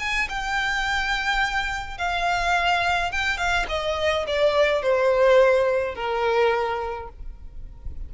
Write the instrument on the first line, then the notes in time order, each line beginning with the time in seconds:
violin
0.00 G#5
0.30 G5
1.98 F5
3.12 G5
3.38 F5
3.69 D#5
4.28 D5
4.83 C5
5.95 A#4